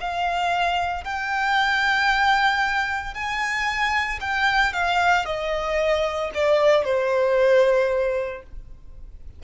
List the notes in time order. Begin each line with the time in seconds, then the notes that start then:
0.00 F5
1.04 G5
3.14 G#5
4.21 G5
4.73 F5
5.25 D#5
6.34 D5
6.84 C5